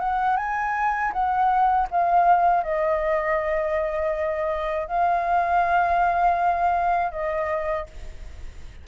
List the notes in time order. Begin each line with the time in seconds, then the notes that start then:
0.00 F#5
0.37 G#5
1.12 F#5
1.91 F5
2.64 D#5
4.88 F5
7.11 D#5